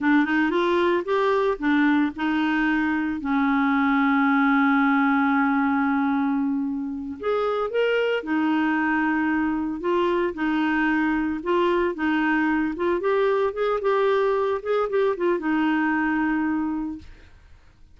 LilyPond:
\new Staff \with { instrumentName = "clarinet" } { \time 4/4 \tempo 4 = 113 d'8 dis'8 f'4 g'4 d'4 | dis'2 cis'2~ | cis'1~ | cis'4. gis'4 ais'4 dis'8~ |
dis'2~ dis'8 f'4 dis'8~ | dis'4. f'4 dis'4. | f'8 g'4 gis'8 g'4. gis'8 | g'8 f'8 dis'2. | }